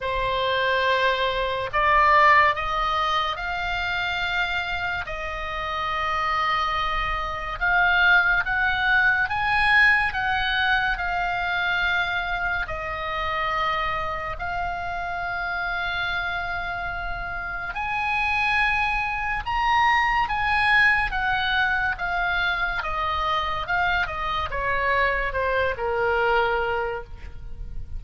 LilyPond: \new Staff \with { instrumentName = "oboe" } { \time 4/4 \tempo 4 = 71 c''2 d''4 dis''4 | f''2 dis''2~ | dis''4 f''4 fis''4 gis''4 | fis''4 f''2 dis''4~ |
dis''4 f''2.~ | f''4 gis''2 ais''4 | gis''4 fis''4 f''4 dis''4 | f''8 dis''8 cis''4 c''8 ais'4. | }